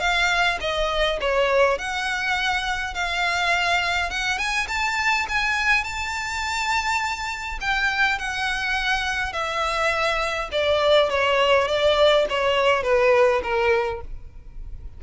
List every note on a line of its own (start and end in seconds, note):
0.00 0.58 F5
0.61 1.19 D#5
1.21 1.78 C#5
1.78 2.95 F#5
2.95 4.10 F5
4.10 4.38 F#5
4.38 4.67 G#5
4.68 5.26 A5
5.29 5.84 G#5
5.84 7.59 A5
7.61 8.19 G5
8.19 9.33 F#5
9.33 10.50 E5
10.52 11.10 D5
11.10 11.68 C#5
11.68 12.26 D5
12.30 12.83 C#5
12.83 13.42 B4
13.43 14.01 A#4